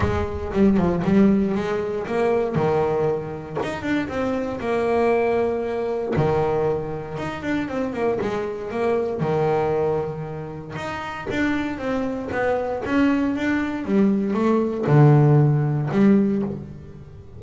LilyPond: \new Staff \with { instrumentName = "double bass" } { \time 4/4 \tempo 4 = 117 gis4 g8 f8 g4 gis4 | ais4 dis2 dis'8 d'8 | c'4 ais2. | dis2 dis'8 d'8 c'8 ais8 |
gis4 ais4 dis2~ | dis4 dis'4 d'4 c'4 | b4 cis'4 d'4 g4 | a4 d2 g4 | }